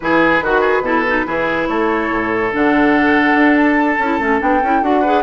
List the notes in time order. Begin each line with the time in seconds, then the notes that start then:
0.00 E3 E4 G#4 B4
0.41 D#3 F#4
0.60 G#4
0.81 B2 E4 A4
1.07 D#4
1.26 E3 E4 G#4
1.67 A3 A4 C#5
2.10 A2
2.51 D3 D4 F#5
3.34 D4
3.56 A5
3.98 C#4 E4
4.19 A3 C#4
4.39 B3 D4 G5
4.62 C#4 E4
4.81 D4 F#4 F#5
5.01 G#4 B4